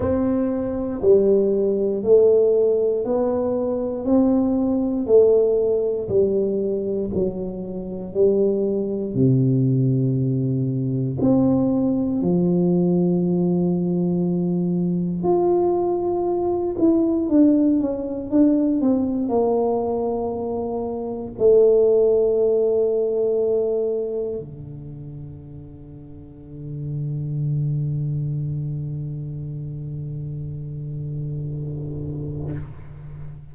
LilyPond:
\new Staff \with { instrumentName = "tuba" } { \time 4/4 \tempo 4 = 59 c'4 g4 a4 b4 | c'4 a4 g4 fis4 | g4 c2 c'4 | f2. f'4~ |
f'8 e'8 d'8 cis'8 d'8 c'8 ais4~ | ais4 a2. | d1~ | d1 | }